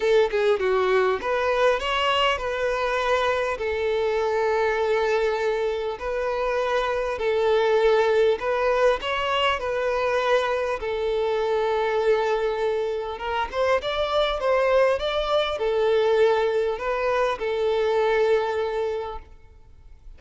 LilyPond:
\new Staff \with { instrumentName = "violin" } { \time 4/4 \tempo 4 = 100 a'8 gis'8 fis'4 b'4 cis''4 | b'2 a'2~ | a'2 b'2 | a'2 b'4 cis''4 |
b'2 a'2~ | a'2 ais'8 c''8 d''4 | c''4 d''4 a'2 | b'4 a'2. | }